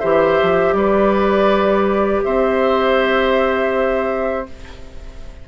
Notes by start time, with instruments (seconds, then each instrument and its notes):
0.00 bassoon E3, clarinet G4, oboe C5, flute E5
0.42 bassoon F3
0.73 bassoon G3, oboe B4, flute D5
2.24 bassoon C4, oboe C5, flute E5